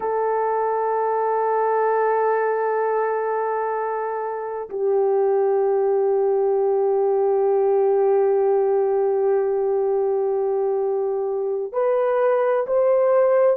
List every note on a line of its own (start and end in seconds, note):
0.00 4.69 A4
4.69 11.72 G4
11.72 12.66 B4
12.66 13.57 C5